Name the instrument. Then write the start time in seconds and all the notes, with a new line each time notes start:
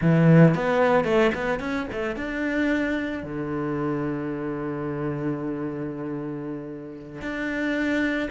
cello
0.01 E3
0.55 B3
1.04 A3
1.34 B3
1.59 C#4
1.92 A3
2.16 D4
3.23 D3
7.21 D4